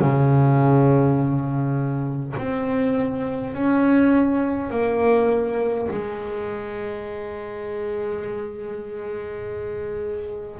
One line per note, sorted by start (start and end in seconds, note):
0.00 2.35 C#3
2.37 3.54 C4
3.54 4.70 C#4
4.70 5.88 A#3
5.91 10.60 G#3